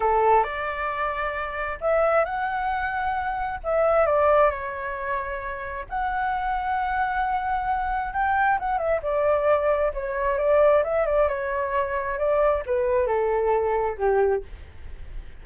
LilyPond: \new Staff \with { instrumentName = "flute" } { \time 4/4 \tempo 4 = 133 a'4 d''2. | e''4 fis''2. | e''4 d''4 cis''2~ | cis''4 fis''2.~ |
fis''2 g''4 fis''8 e''8 | d''2 cis''4 d''4 | e''8 d''8 cis''2 d''4 | b'4 a'2 g'4 | }